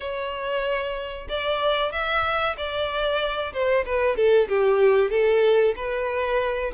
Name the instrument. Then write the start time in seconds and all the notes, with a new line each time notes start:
violin
0.00 C#5
1.29 D5
1.91 E5
2.57 D5
3.53 C5
3.85 B4
4.16 A4
4.48 G4
5.10 A4
5.76 B4